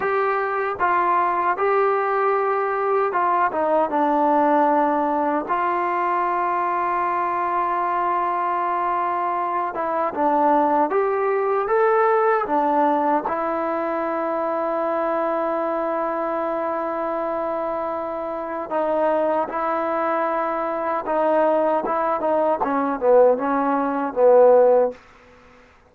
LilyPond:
\new Staff \with { instrumentName = "trombone" } { \time 4/4 \tempo 4 = 77 g'4 f'4 g'2 | f'8 dis'8 d'2 f'4~ | f'1~ | f'8 e'8 d'4 g'4 a'4 |
d'4 e'2.~ | e'1 | dis'4 e'2 dis'4 | e'8 dis'8 cis'8 b8 cis'4 b4 | }